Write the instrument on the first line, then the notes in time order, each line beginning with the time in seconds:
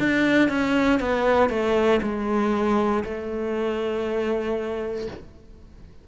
cello
0.00 D4
0.49 C#4
1.00 B3
1.50 A3
2.03 G#3
3.05 A3